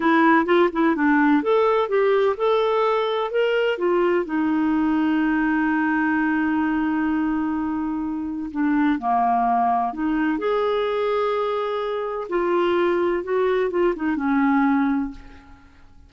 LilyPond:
\new Staff \with { instrumentName = "clarinet" } { \time 4/4 \tempo 4 = 127 e'4 f'8 e'8 d'4 a'4 | g'4 a'2 ais'4 | f'4 dis'2.~ | dis'1~ |
dis'2 d'4 ais4~ | ais4 dis'4 gis'2~ | gis'2 f'2 | fis'4 f'8 dis'8 cis'2 | }